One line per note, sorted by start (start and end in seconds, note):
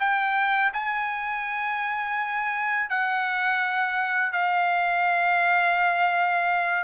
0.00 0.72 G5
0.74 2.90 G#5
2.90 4.33 F#5
4.33 6.84 F5